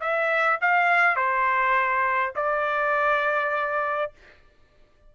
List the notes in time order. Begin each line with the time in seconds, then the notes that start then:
0.00 E5
0.61 F5
1.16 C5
2.35 D5